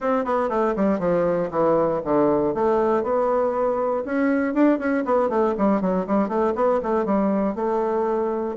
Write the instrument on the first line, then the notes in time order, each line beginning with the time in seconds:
bassoon
0.00 C4
0.25 B3
0.49 A3
0.76 G3
0.99 F3
1.51 E3
2.04 D3
2.54 A3
3.03 B3
4.05 C#4
4.54 D4
4.79 C#4
5.05 B3
5.29 A3
5.57 G3
5.81 F#3
6.06 G3
6.28 A3
6.55 B3
6.82 A3
7.05 G3
7.55 A3